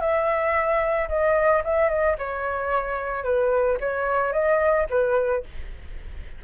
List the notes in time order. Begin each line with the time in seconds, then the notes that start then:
0.00 E5
1.08 D#5
1.64 E5
1.89 D#5
2.18 C#5
3.23 B4
3.80 C#5
4.32 D#5
4.89 B4